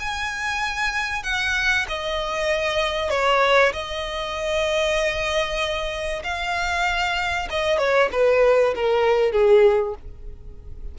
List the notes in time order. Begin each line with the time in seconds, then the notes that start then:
0.00 G#5
1.24 F#5
1.89 D#5
3.10 C#5
3.73 D#5
6.24 F5
7.50 D#5
7.78 C#5
8.12 B4
8.76 A#4
9.33 G#4